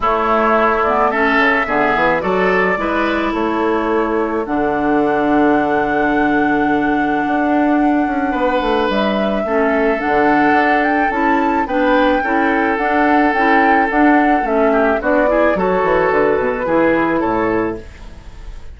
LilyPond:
<<
  \new Staff \with { instrumentName = "flute" } { \time 4/4 \tempo 4 = 108 cis''4. d''8 e''2 | d''2 cis''2 | fis''1~ | fis''1 |
e''2 fis''4. g''8 | a''4 g''2 fis''4 | g''4 fis''4 e''4 d''4 | cis''4 b'2 cis''4 | }
  \new Staff \with { instrumentName = "oboe" } { \time 4/4 e'2 a'4 gis'4 | a'4 b'4 a'2~ | a'1~ | a'2. b'4~ |
b'4 a'2.~ | a'4 b'4 a'2~ | a'2~ a'8 g'8 fis'8 gis'8 | a'2 gis'4 a'4 | }
  \new Staff \with { instrumentName = "clarinet" } { \time 4/4 a4. b8 cis'4 b4 | fis'4 e'2. | d'1~ | d'1~ |
d'4 cis'4 d'2 | e'4 d'4 e'4 d'4 | e'4 d'4 cis'4 d'8 e'8 | fis'2 e'2 | }
  \new Staff \with { instrumentName = "bassoon" } { \time 4/4 a2~ a8 cis8 d8 e8 | fis4 gis4 a2 | d1~ | d4 d'4. cis'8 b8 a8 |
g4 a4 d4 d'4 | cis'4 b4 cis'4 d'4 | cis'4 d'4 a4 b4 | fis8 e8 d8 b,8 e4 a,4 | }
>>